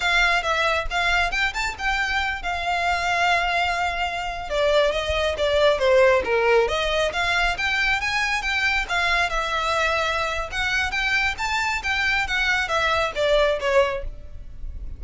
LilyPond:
\new Staff \with { instrumentName = "violin" } { \time 4/4 \tempo 4 = 137 f''4 e''4 f''4 g''8 a''8 | g''4. f''2~ f''8~ | f''2~ f''16 d''4 dis''8.~ | dis''16 d''4 c''4 ais'4 dis''8.~ |
dis''16 f''4 g''4 gis''4 g''8.~ | g''16 f''4 e''2~ e''8. | fis''4 g''4 a''4 g''4 | fis''4 e''4 d''4 cis''4 | }